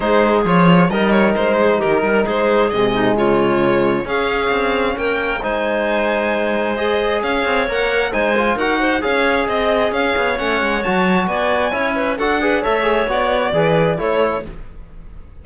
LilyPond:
<<
  \new Staff \with { instrumentName = "violin" } { \time 4/4 \tempo 4 = 133 c''4 cis''4 dis''8 cis''8 c''4 | ais'4 c''4 dis''4 cis''4~ | cis''4 f''2 g''4 | gis''2. dis''4 |
f''4 fis''4 gis''4 fis''4 | f''4 dis''4 f''4 fis''4 | a''4 gis''2 fis''4 | e''4 d''2 cis''4 | }
  \new Staff \with { instrumentName = "clarinet" } { \time 4/4 gis'2 ais'4. gis'8 | g'8 ais'8 gis'4. dis'8 f'4~ | f'4 gis'2 ais'4 | c''1 |
cis''2 c''4 ais'8 c''8 | cis''4 dis''4 cis''2~ | cis''4 d''4 cis''8 b'8 a'8 b'8 | cis''2 b'4 a'4 | }
  \new Staff \with { instrumentName = "trombone" } { \time 4/4 dis'4 f'4 dis'2~ | dis'2 gis2~ | gis4 cis'2. | dis'2. gis'4~ |
gis'4 ais'4 dis'8 f'8 fis'4 | gis'2. cis'4 | fis'2 e'4 fis'8 gis'8 | a'8 gis'8 fis'4 gis'4 e'4 | }
  \new Staff \with { instrumentName = "cello" } { \time 4/4 gis4 f4 g4 gis4 | dis8 g8 gis4 c4 cis4~ | cis4 cis'4 c'4 ais4 | gis1 |
cis'8 c'8 ais4 gis4 dis'4 | cis'4 c'4 cis'8 b8 a8 gis8 | fis4 b4 cis'4 d'4 | a4 b4 e4 a4 | }
>>